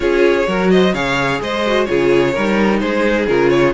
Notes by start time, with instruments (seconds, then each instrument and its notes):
0.00 cello C#4, viola F4, violin G#4 C#5
0.47 cello F#3, viola F#4, violin A#4
0.70 violin C5 D#5
0.93 cello C#3, viola G#4, violin C#5 F5
1.41 cello G#3, violin C5 D#5
1.66 viola F#4
1.84 cello C#3, viola F4, violin G#4 C#5
2.33 cello G3, viola D#4, violin A#4
2.79 cello G#3, violin G#4 C5
3.27 cello C#3, viola F4, violin A#4
3.49 violin C#5